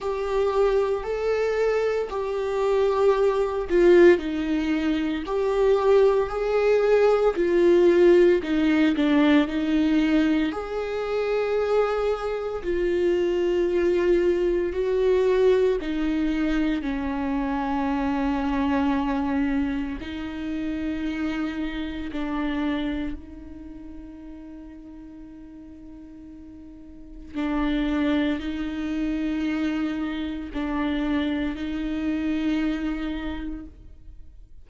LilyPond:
\new Staff \with { instrumentName = "viola" } { \time 4/4 \tempo 4 = 57 g'4 a'4 g'4. f'8 | dis'4 g'4 gis'4 f'4 | dis'8 d'8 dis'4 gis'2 | f'2 fis'4 dis'4 |
cis'2. dis'4~ | dis'4 d'4 dis'2~ | dis'2 d'4 dis'4~ | dis'4 d'4 dis'2 | }